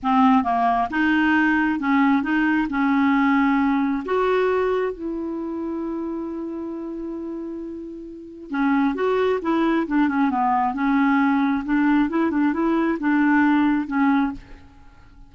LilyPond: \new Staff \with { instrumentName = "clarinet" } { \time 4/4 \tempo 4 = 134 c'4 ais4 dis'2 | cis'4 dis'4 cis'2~ | cis'4 fis'2 e'4~ | e'1~ |
e'2. cis'4 | fis'4 e'4 d'8 cis'8 b4 | cis'2 d'4 e'8 d'8 | e'4 d'2 cis'4 | }